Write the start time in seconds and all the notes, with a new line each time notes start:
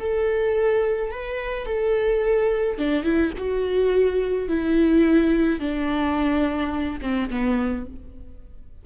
0.00 A4
1.11 B4
1.66 A4
2.78 D4
3.04 E4
3.38 F#4
4.48 E4
5.60 D4
7.02 C4
7.30 B3